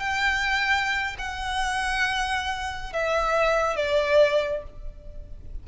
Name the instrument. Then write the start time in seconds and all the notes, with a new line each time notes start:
violin
0.00 G5
1.19 F#5
2.93 E5
3.76 D5